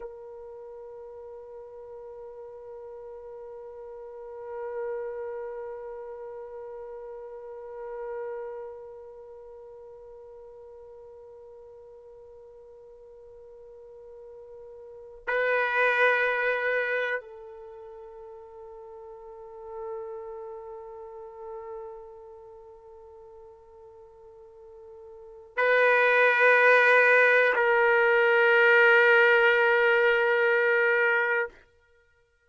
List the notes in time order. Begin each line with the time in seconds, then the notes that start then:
0.00 A#4
15.27 B4
17.20 A4
25.56 B4
27.55 A#4